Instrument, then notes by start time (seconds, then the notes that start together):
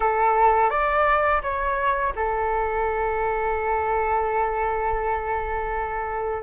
flute
0.00 A4
0.69 D5
1.42 C#5
2.15 A4